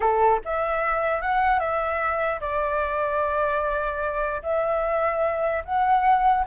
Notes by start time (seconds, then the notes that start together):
0.00 A4
0.44 E5
1.21 F#5
1.59 E5
2.40 D5
4.42 E5
5.64 F#5